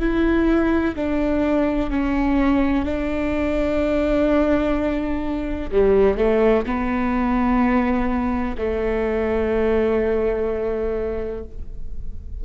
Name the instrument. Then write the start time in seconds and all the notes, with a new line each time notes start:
viola
0.00 E4
0.96 D4
1.90 C#4
2.85 D4
5.71 G3
6.17 A3
6.65 B3
8.58 A3